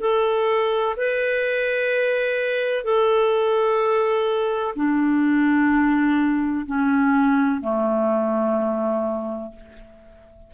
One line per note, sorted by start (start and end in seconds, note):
0.00 0.95 A4
0.97 2.84 B4
2.84 4.74 A4
4.75 6.66 D4
6.66 7.61 C#4
7.61 9.51 A3